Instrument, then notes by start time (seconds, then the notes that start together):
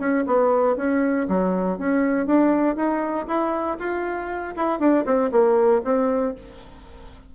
bassoon
0.00 C#4
0.27 B3
0.77 C#4
1.29 F#3
1.79 C#4
2.27 D4
2.77 D#4
3.28 E4
3.80 F4
4.57 E4
4.80 D4
5.06 C4
5.32 A#3
5.85 C4